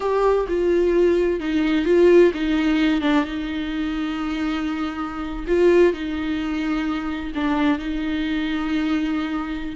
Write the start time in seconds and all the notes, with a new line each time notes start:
0.00 G4
0.48 F4
1.40 D#4
1.85 F4
2.34 D#4
3.01 D4
3.24 D#4
5.47 F4
5.93 D#4
7.34 D4
7.78 D#4